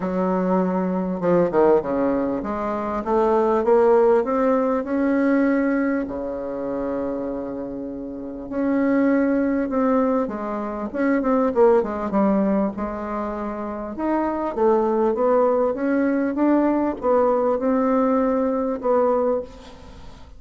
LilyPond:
\new Staff \with { instrumentName = "bassoon" } { \time 4/4 \tempo 4 = 99 fis2 f8 dis8 cis4 | gis4 a4 ais4 c'4 | cis'2 cis2~ | cis2 cis'2 |
c'4 gis4 cis'8 c'8 ais8 gis8 | g4 gis2 dis'4 | a4 b4 cis'4 d'4 | b4 c'2 b4 | }